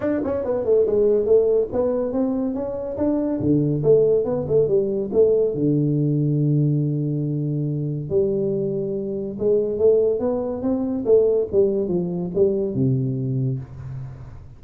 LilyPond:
\new Staff \with { instrumentName = "tuba" } { \time 4/4 \tempo 4 = 141 d'8 cis'8 b8 a8 gis4 a4 | b4 c'4 cis'4 d'4 | d4 a4 b8 a8 g4 | a4 d2.~ |
d2. g4~ | g2 gis4 a4 | b4 c'4 a4 g4 | f4 g4 c2 | }